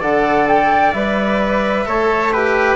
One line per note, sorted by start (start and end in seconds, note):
0.00 0.93 D3
0.00 0.93 A4
0.00 1.85 D5
0.00 0.47 F#5
0.47 0.92 G5
0.92 1.85 G3
0.92 1.86 B4
0.92 2.76 E5
1.86 2.76 A3
1.86 2.32 A4
1.86 2.33 C#5
2.32 2.76 G4
2.32 2.76 B4